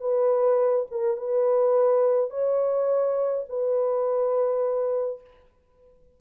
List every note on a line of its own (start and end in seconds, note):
0.00 0.86 B4
0.91 1.17 A#4
1.17 2.30 B4
2.30 3.44 C#5
3.49 5.21 B4